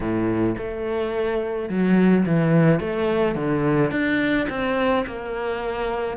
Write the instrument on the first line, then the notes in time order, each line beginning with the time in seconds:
cello
0.00 A2
0.58 A3
1.69 F#3
2.25 E3
2.80 A3
3.35 D3
3.91 D4
4.49 C4
5.06 A#3